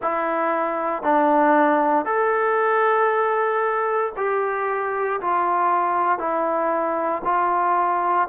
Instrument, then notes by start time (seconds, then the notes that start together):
trombone
0.01 E4
1.03 D4
2.05 A4
4.17 G4
5.21 F4
6.18 E4
7.24 F4